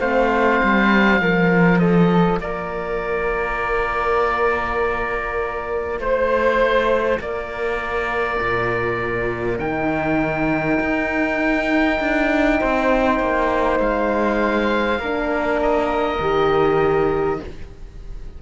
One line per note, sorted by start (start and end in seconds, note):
0.00 0.60 A3
0.00 1.20 C4
0.00 1.20 C5
0.00 1.79 F5
0.63 1.20 G3
1.20 2.39 F3
1.20 9.60 F4
1.20 1.80 A#4
1.79 2.40 A4
1.79 2.39 D#5
2.39 5.99 A#3
2.39 6.02 A#4
2.39 6.00 D5
5.99 7.19 A3
5.99 7.20 C5
7.19 8.39 A#3
7.19 12.60 A#4
7.19 9.58 D5
8.40 9.59 A#2
9.58 10.79 D#3
9.58 15.00 D#4
9.58 13.78 G5
10.79 12.00 D#4
12.00 12.60 D4
12.60 13.20 C4
12.60 15.00 C5
13.20 13.79 A#3
13.79 14.99 G#3
13.79 15.60 F5
14.99 16.19 A#3
14.99 16.21 D4
14.99 17.39 A#4
15.62 17.42 D#5
16.20 17.39 D#3
16.20 17.41 G4